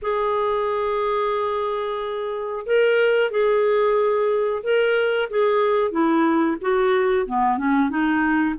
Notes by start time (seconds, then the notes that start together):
0.02 G#4
2.66 A#4
3.30 G#4
4.63 A#4
5.30 G#4
5.91 E4
6.61 F#4
7.26 B3
7.57 C#4
7.89 D#4